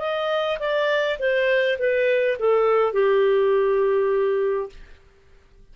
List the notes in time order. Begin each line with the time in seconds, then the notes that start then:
0.00 D#5
0.60 D5
1.20 C5
1.79 B4
2.40 A4
2.93 G4